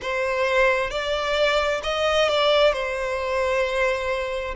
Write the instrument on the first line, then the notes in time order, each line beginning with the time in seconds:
violin
0.02 C5
0.90 D5
1.83 D#5
2.29 D5
2.73 C5